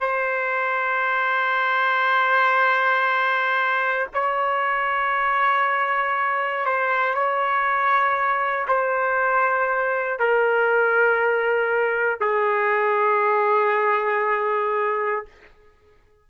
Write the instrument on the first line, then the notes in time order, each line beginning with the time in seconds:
trumpet
0.00 C5
4.14 C#5
6.65 C5
7.14 C#5
8.68 C5
10.19 A#4
12.20 G#4